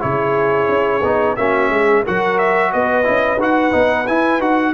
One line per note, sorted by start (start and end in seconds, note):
0.00 0.69 C#3
0.00 1.01 E4
0.00 1.36 G#4
0.00 1.36 C#5
0.69 1.02 C#4
1.03 1.36 B3
1.03 1.37 D#4
1.36 1.70 A#3
1.36 2.05 C#4
1.36 1.72 F#4
1.36 2.04 E5
1.70 2.03 G#3
1.70 2.03 G#4
2.03 2.73 F#3
2.03 3.04 F#4
2.03 2.70 A#4
2.03 2.38 F#5
2.38 2.72 E5
2.72 3.07 B3
2.72 4.74 B4
2.72 3.40 D#5
3.04 3.38 C#4
3.04 3.38 E4
3.38 3.71 D#4
3.38 3.71 F#4
3.38 4.07 F#5
3.71 4.08 B3
3.71 4.05 D#4
4.07 4.40 E4
4.07 4.41 G#5
4.40 4.74 D#4
4.40 4.74 F#4
4.40 4.74 F#5